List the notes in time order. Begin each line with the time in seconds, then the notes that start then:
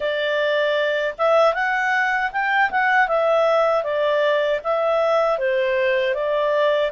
0.00 D5
1.17 E5
1.54 F#5
2.31 G5
2.70 F#5
3.08 E5
3.83 D5
4.63 E5
5.38 C5
6.14 D5